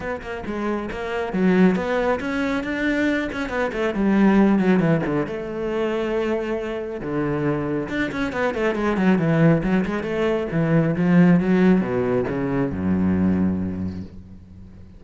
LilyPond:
\new Staff \with { instrumentName = "cello" } { \time 4/4 \tempo 4 = 137 b8 ais8 gis4 ais4 fis4 | b4 cis'4 d'4. cis'8 | b8 a8 g4. fis8 e8 d8 | a1 |
d2 d'8 cis'8 b8 a8 | gis8 fis8 e4 fis8 gis8 a4 | e4 f4 fis4 b,4 | cis4 fis,2. | }